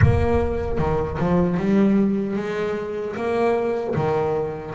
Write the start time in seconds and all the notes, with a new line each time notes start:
0.01 A#3
0.78 D#3
1.18 F3
1.57 G3
2.36 G#3
3.16 A#3
3.95 D#3